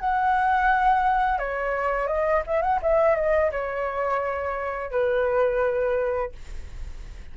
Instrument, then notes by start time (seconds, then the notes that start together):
flute
0.00 F#5
1.39 C#5
2.07 D#5
2.47 E5
2.62 F#5
2.82 E5
3.16 D#5
3.51 C#5
4.91 B4